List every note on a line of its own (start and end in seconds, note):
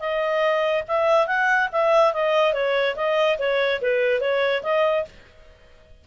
0.00 0.84 D#5
0.88 1.27 E5
1.27 1.69 F#5
1.73 2.14 E5
2.14 2.53 D#5
2.53 2.95 C#5
2.96 3.38 D#5
3.39 3.81 C#5
3.82 4.21 B4
4.21 4.63 C#5
4.63 5.05 D#5